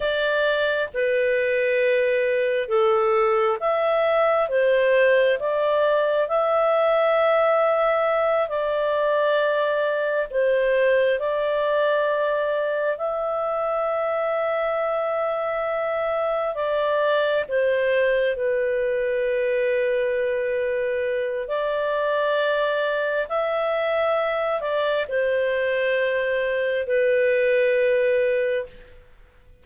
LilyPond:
\new Staff \with { instrumentName = "clarinet" } { \time 4/4 \tempo 4 = 67 d''4 b'2 a'4 | e''4 c''4 d''4 e''4~ | e''4. d''2 c''8~ | c''8 d''2 e''4.~ |
e''2~ e''8 d''4 c''8~ | c''8 b'2.~ b'8 | d''2 e''4. d''8 | c''2 b'2 | }